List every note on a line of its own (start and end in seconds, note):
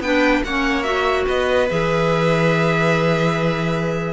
0.00 0.41 B3
0.00 0.44 D4
0.00 0.45 B4
0.00 0.43 G5
0.44 1.26 A#3
0.44 0.84 C#4
0.44 1.26 C#5
0.44 0.83 F#5
0.83 1.67 F#4
0.83 1.24 E5
1.26 1.70 B3
1.26 4.13 B4
1.26 1.69 D#5
1.69 4.13 E3
1.69 4.13 G#4
1.69 4.13 E5